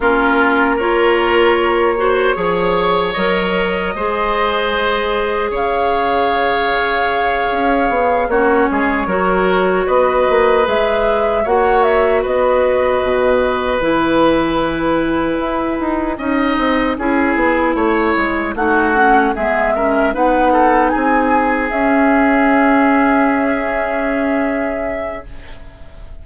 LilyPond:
<<
  \new Staff \with { instrumentName = "flute" } { \time 4/4 \tempo 4 = 76 ais'4 cis''2. | dis''2. f''4~ | f''2~ f''8 cis''4.~ | cis''8 dis''4 e''4 fis''8 e''8 dis''8~ |
dis''4. gis''2~ gis''8~ | gis''2.~ gis''8 fis''8~ | fis''8 e''4 fis''4 gis''4 e''8~ | e''1 | }
  \new Staff \with { instrumentName = "oboe" } { \time 4/4 f'4 ais'4. c''8 cis''4~ | cis''4 c''2 cis''4~ | cis''2~ cis''8 fis'8 gis'8 ais'8~ | ais'8 b'2 cis''4 b'8~ |
b'1~ | b'8 dis''4 gis'4 cis''4 fis'8~ | fis'8 gis'8 ais'8 b'8 a'8 gis'4.~ | gis'1 | }
  \new Staff \with { instrumentName = "clarinet" } { \time 4/4 cis'4 f'4. fis'8 gis'4 | ais'4 gis'2.~ | gis'2~ gis'8 cis'4 fis'8~ | fis'4. gis'4 fis'4.~ |
fis'4. e'2~ e'8~ | e'8 dis'4 e'2 dis'8 | cis'8 b8 cis'8 dis'2 cis'8~ | cis'1 | }
  \new Staff \with { instrumentName = "bassoon" } { \time 4/4 ais2. f4 | fis4 gis2 cis4~ | cis4. cis'8 b8 ais8 gis8 fis8~ | fis8 b8 ais8 gis4 ais4 b8~ |
b8 b,4 e2 e'8 | dis'8 cis'8 c'8 cis'8 b8 a8 gis8 a8~ | a8 gis4 b4 c'4 cis'8~ | cis'1 | }
>>